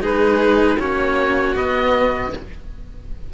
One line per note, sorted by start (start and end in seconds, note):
0.00 0.77 G#3
0.00 0.77 D#4
0.00 0.79 G#4
0.00 0.80 B4
0.79 1.55 A#3
0.79 1.56 C#4
0.79 2.33 F#4
0.79 1.56 C#5
1.55 2.32 B3
1.55 2.33 B3
1.55 2.33 D#5